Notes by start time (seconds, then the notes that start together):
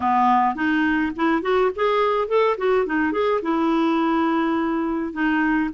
0.00 B3
0.55 D#4
1.16 E4
1.42 F#4
1.75 G#4
2.28 A4
2.57 F#4
2.86 D#4
3.12 G#4
3.42 E4
5.12 D#4